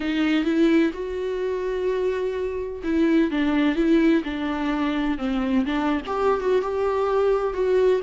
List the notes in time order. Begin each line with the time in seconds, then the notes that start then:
0.00 D#4
0.44 E4
0.93 F#4
2.83 E4
3.30 D4
3.75 E4
4.23 D4
5.17 C4
5.65 D4
6.06 G4
6.40 F#4
6.61 G4
7.53 F#4